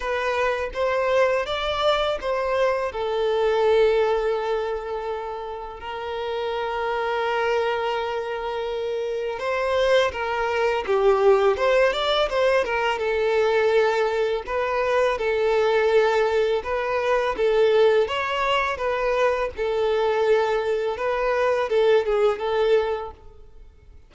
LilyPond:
\new Staff \with { instrumentName = "violin" } { \time 4/4 \tempo 4 = 83 b'4 c''4 d''4 c''4 | a'1 | ais'1~ | ais'4 c''4 ais'4 g'4 |
c''8 d''8 c''8 ais'8 a'2 | b'4 a'2 b'4 | a'4 cis''4 b'4 a'4~ | a'4 b'4 a'8 gis'8 a'4 | }